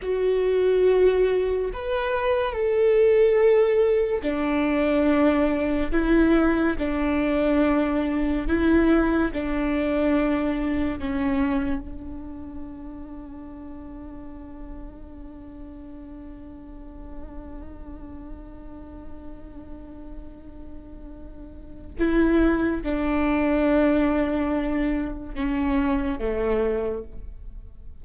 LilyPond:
\new Staff \with { instrumentName = "viola" } { \time 4/4 \tempo 4 = 71 fis'2 b'4 a'4~ | a'4 d'2 e'4 | d'2 e'4 d'4~ | d'4 cis'4 d'2~ |
d'1~ | d'1~ | d'2 e'4 d'4~ | d'2 cis'4 a4 | }